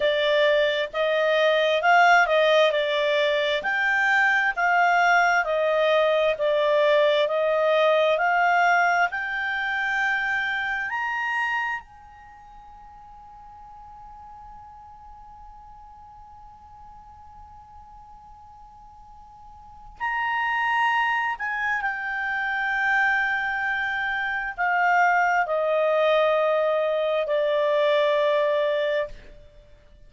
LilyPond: \new Staff \with { instrumentName = "clarinet" } { \time 4/4 \tempo 4 = 66 d''4 dis''4 f''8 dis''8 d''4 | g''4 f''4 dis''4 d''4 | dis''4 f''4 g''2 | ais''4 gis''2.~ |
gis''1~ | gis''2 ais''4. gis''8 | g''2. f''4 | dis''2 d''2 | }